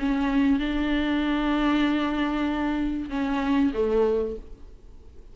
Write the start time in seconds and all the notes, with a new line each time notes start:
0.00 C#4
0.60 D4
3.10 C#4
3.74 A3